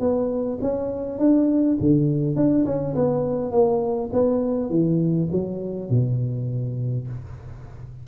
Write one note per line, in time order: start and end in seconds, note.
0.00 0.59 B3
0.62 1.19 C#4
1.19 1.78 D4
1.80 2.36 D3
2.36 2.65 D4
2.66 2.95 C#4
2.95 3.52 B3
3.52 4.10 A#3
4.13 4.70 B3
4.70 5.29 E3
5.32 5.90 F#3
5.90 7.07 B2